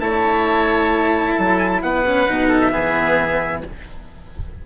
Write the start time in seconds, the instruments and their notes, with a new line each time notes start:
0.00 bassoon A3, cello E4, oboe C#5, trumpet A5
1.35 bassoon F#3, oboe A4
1.59 trumpet G#5
1.70 trumpet A5
1.83 bassoon B3, oboe B4, trumpet F#5
2.06 cello C#4
2.28 bassoon B2, cello D#4
2.49 oboe A4
2.61 trumpet E5
2.72 bassoon E3, cello B3, oboe G#4